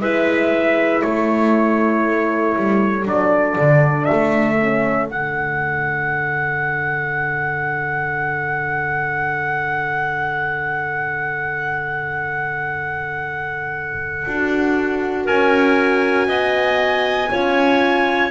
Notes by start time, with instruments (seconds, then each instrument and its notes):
0.00 double bass G#3, horn E4, clarinet B4, trumpet E5
1.02 double bass A3, clarinet A4, trumpet C#5
2.56 double bass G3
3.05 double bass F#3, horn D4, trumpet D5
3.58 double bass D3
4.05 trumpet E5
4.12 double bass A3
4.61 horn C#4
5.10 double bass D3, horn D4, trumpet F#5
14.26 double bass D4, horn F#4
15.25 double bass C#4, clarinet A#4, trumpet G#5
16.27 double bass B3, clarinet D#5
17.30 double bass C#4, horn F4, clarinet C#5